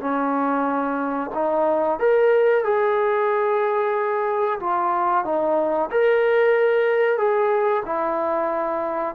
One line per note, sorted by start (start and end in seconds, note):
0.00 1.30 C#4
1.34 1.99 D#4
1.99 2.64 A#4
2.64 4.59 G#4
4.59 5.24 F4
5.24 5.89 D#4
5.91 7.17 A#4
7.17 7.83 G#4
7.85 9.15 E4